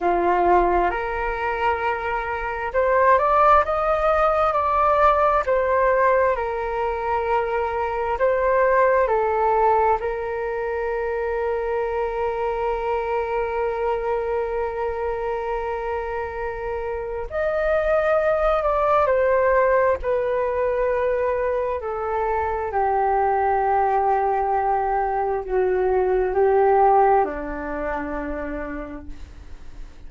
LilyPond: \new Staff \with { instrumentName = "flute" } { \time 4/4 \tempo 4 = 66 f'4 ais'2 c''8 d''8 | dis''4 d''4 c''4 ais'4~ | ais'4 c''4 a'4 ais'4~ | ais'1~ |
ais'2. dis''4~ | dis''8 d''8 c''4 b'2 | a'4 g'2. | fis'4 g'4 d'2 | }